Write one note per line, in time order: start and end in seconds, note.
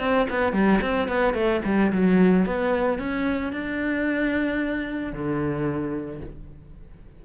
0.00 0.27 C4
0.30 0.53 B3
0.53 0.80 G3
0.82 1.09 C4
1.09 1.34 B3
1.34 1.61 A3
1.65 1.92 G3
1.93 2.46 F#3
2.46 2.99 B3
2.99 3.53 C#4
3.53 5.13 D4
5.13 6.21 D3